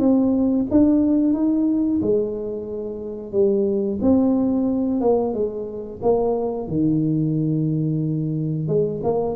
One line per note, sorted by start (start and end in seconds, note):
0.00 0.67 C4
0.71 1.34 D4
1.34 2.01 D#4
2.02 3.33 G#3
3.33 3.99 G3
4.02 5.01 C4
5.01 5.34 A#3
5.34 6.01 G#3
6.03 6.68 A#3
6.68 8.68 D#3
8.68 9.02 G#3
9.04 9.36 A#3